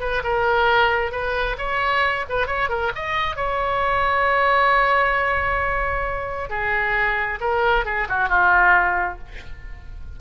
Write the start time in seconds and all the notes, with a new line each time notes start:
0.00 B4
0.24 A#4
1.12 B4
1.58 C#5
2.29 B4
2.47 C#5
2.69 A#4
2.95 D#5
3.36 C#5
6.49 G#4
7.41 A#4
7.85 G#4
8.09 F#4
8.29 F4